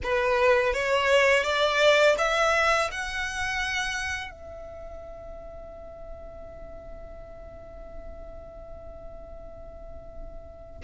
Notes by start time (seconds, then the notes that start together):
0.03 B4
0.73 C#5
1.43 D5
2.18 E5
2.91 F#5
4.30 E5